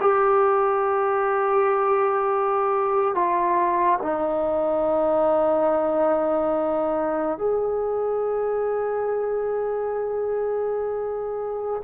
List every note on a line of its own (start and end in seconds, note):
0.00 3.15 G4
3.15 3.99 F4
4.02 7.38 D#4
7.38 11.82 G#4